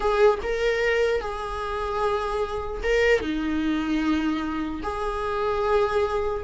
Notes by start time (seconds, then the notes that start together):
0.00 G#4
0.42 A#4
1.20 G#4
2.83 A#4
3.20 D#4
4.82 G#4